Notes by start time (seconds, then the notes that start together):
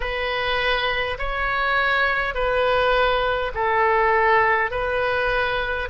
0.00 B4
1.18 C#5
2.34 B4
3.54 A4
4.71 B4